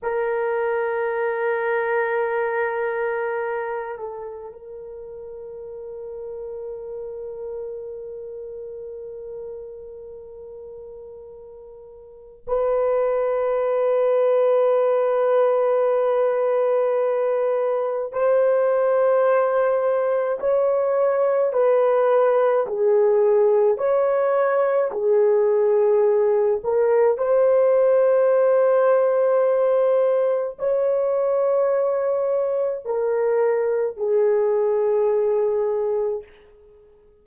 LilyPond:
\new Staff \with { instrumentName = "horn" } { \time 4/4 \tempo 4 = 53 ais'2.~ ais'8 a'8 | ais'1~ | ais'2. b'4~ | b'1 |
c''2 cis''4 b'4 | gis'4 cis''4 gis'4. ais'8 | c''2. cis''4~ | cis''4 ais'4 gis'2 | }